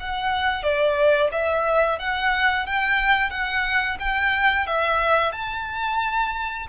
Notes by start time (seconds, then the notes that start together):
0.00 F#5
0.63 D5
1.32 E5
1.99 F#5
2.66 G5
3.30 F#5
4.00 G5
4.67 E5
5.32 A5